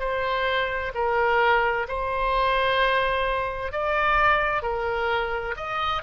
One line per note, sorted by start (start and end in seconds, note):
0.00 0.92 C5
0.95 1.87 A#4
1.88 3.72 C5
3.72 4.63 D5
4.63 5.55 A#4
5.57 6.03 D#5